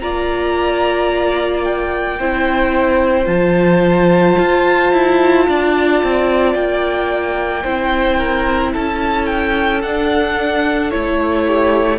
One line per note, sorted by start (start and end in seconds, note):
0.00 2.19 A#3
0.00 2.18 F4
0.00 2.19 D5
0.00 1.63 A#5
1.63 3.27 G5
2.19 3.27 C4
2.19 3.25 E4
2.19 5.47 C5
3.25 4.36 F3
3.25 7.61 F4
3.25 6.54 A5
4.38 4.92 F4
4.92 5.47 E4
5.48 6.03 D4
5.48 7.63 D5
6.03 6.54 C4
6.54 7.63 A#3
6.54 8.72 G5
7.63 8.75 C4
7.63 9.83 E4
7.63 8.17 C5
8.17 8.72 A#4
8.72 9.83 C#4
8.72 11.45 A4
8.72 9.26 A5
9.26 9.80 G5
9.82 10.92 D4
9.82 10.90 F#5
10.90 11.98 A3
10.90 11.98 E4
10.90 11.98 C#5
11.46 11.98 G4